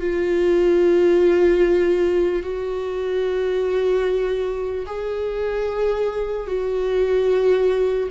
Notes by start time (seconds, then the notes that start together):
0.00 F4
2.42 F#4
4.86 G#4
6.46 F#4